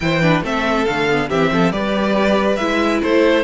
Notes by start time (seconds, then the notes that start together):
0.00 E3 E4 C5 G5
0.21 D4 B4
0.42 A3 C4 A4 E5
0.85 D3 A3 F5
1.10 B3
1.29 E3 C4 G4 E5
1.52 F3 A4
1.71 G3 G4 B4 D5
2.56 G#3 E4 E5
3.02 A3 A4 C5